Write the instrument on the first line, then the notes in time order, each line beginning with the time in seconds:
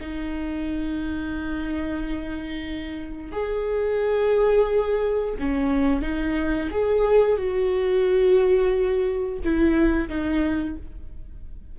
viola
0.00 D#4
3.32 G#4
5.39 C#4
6.02 D#4
6.71 G#4
7.37 F#4
9.44 E4
10.08 D#4